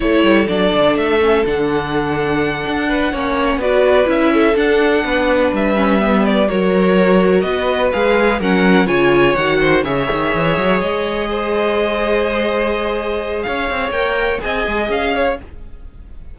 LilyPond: <<
  \new Staff \with { instrumentName = "violin" } { \time 4/4 \tempo 4 = 125 cis''4 d''4 e''4 fis''4~ | fis''2.~ fis''8 d''8~ | d''8 e''4 fis''2 e''8~ | e''4 d''8 cis''2 dis''8~ |
dis''8 f''4 fis''4 gis''4 fis''8~ | fis''8 e''2 dis''4.~ | dis''1 | f''4 g''4 gis''4 f''4 | }
  \new Staff \with { instrumentName = "violin" } { \time 4/4 a'1~ | a'2 b'8 cis''4 b'8~ | b'4 a'4. b'4.~ | b'4. ais'2 b'8~ |
b'4. ais'4 cis''4. | c''8 cis''2. c''8~ | c''1 | cis''2 dis''4. cis''8 | }
  \new Staff \with { instrumentName = "viola" } { \time 4/4 e'4 d'4. cis'8 d'4~ | d'2~ d'8 cis'4 fis'8~ | fis'8 e'4 d'2~ d'8 | cis'8 b4 fis'2~ fis'8~ |
fis'8 gis'4 cis'4 f'4 fis'8~ | fis'8 gis'2.~ gis'8~ | gis'1~ | gis'4 ais'4 gis'2 | }
  \new Staff \with { instrumentName = "cello" } { \time 4/4 a8 g8 fis8 d8 a4 d4~ | d4. d'4 ais4 b8~ | b8 cis'4 d'4 b4 g8~ | g4. fis2 b8~ |
b8 gis4 fis4 cis4 dis8~ | dis8 cis8 dis8 e8 fis8 gis4.~ | gis1 | cis'8 c'8 ais4 c'8 gis8 cis'4 | }
>>